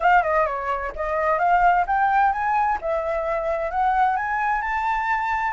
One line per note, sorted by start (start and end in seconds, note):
0.00 0.22 F5
0.22 0.46 D#5
0.46 0.92 C#5
0.95 1.38 D#5
1.38 1.85 F5
1.87 2.32 G5
2.32 2.78 G#5
2.81 3.70 E5
3.70 4.16 F#5
4.16 4.61 G#5
4.61 5.52 A5